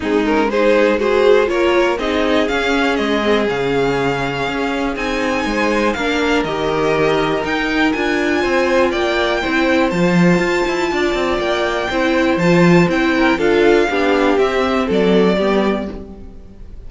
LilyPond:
<<
  \new Staff \with { instrumentName = "violin" } { \time 4/4 \tempo 4 = 121 gis'8 ais'8 c''4 gis'4 cis''4 | dis''4 f''4 dis''4 f''4~ | f''2 gis''2 | f''4 dis''2 g''4 |
gis''2 g''2 | a''2. g''4~ | g''4 a''4 g''4 f''4~ | f''4 e''4 d''2 | }
  \new Staff \with { instrumentName = "violin" } { \time 4/4 dis'4 gis'4 c''4 ais'4 | gis'1~ | gis'2. c''4 | ais'1~ |
ais'4 c''4 d''4 c''4~ | c''2 d''2 | c''2~ c''8 ais'8 a'4 | g'2 a'4 g'4 | }
  \new Staff \with { instrumentName = "viola" } { \time 4/4 c'8 cis'8 dis'4 fis'4 f'4 | dis'4 cis'4. c'8 cis'4~ | cis'2 dis'2 | d'4 g'2 dis'4 |
f'2. e'4 | f'1 | e'4 f'4 e'4 f'4 | d'4 c'2 b4 | }
  \new Staff \with { instrumentName = "cello" } { \time 4/4 gis2. ais4 | c'4 cis'4 gis4 cis4~ | cis4 cis'4 c'4 gis4 | ais4 dis2 dis'4 |
d'4 c'4 ais4 c'4 | f4 f'8 e'8 d'8 c'8 ais4 | c'4 f4 c'4 d'4 | b4 c'4 fis4 g4 | }
>>